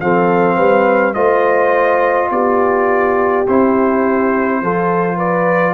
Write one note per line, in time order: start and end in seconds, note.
0.00 0.58 F3
0.00 1.14 C4
0.00 0.56 A4
0.00 1.14 F5
0.56 1.15 G3
0.56 1.14 B4
1.14 2.30 A3
1.14 3.45 F4
1.14 2.30 C5
1.14 2.29 D#5
2.31 3.46 B3
2.31 4.62 G4
2.31 3.46 D5
3.47 4.62 C4
3.47 4.63 E4
3.47 5.19 C5
4.62 5.74 F3
4.62 5.74 F4
4.62 5.17 A4
5.17 5.74 B4
5.17 5.74 D5